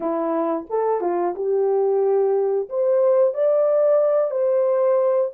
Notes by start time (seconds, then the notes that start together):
0.00 E4
0.69 A4
1.01 F4
1.35 G4
2.69 C5
3.34 D5
4.30 C5